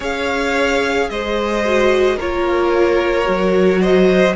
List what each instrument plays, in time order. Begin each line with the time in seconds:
0.00 cello C#4, viola G#4, violin C#5 F5
1.09 cello G#3, violin C5 D#5
1.64 viola F#4
2.16 cello A#3, viola F4, violin A#4 C#5
3.24 cello F#3, viola F#4
3.81 violin C5 D#5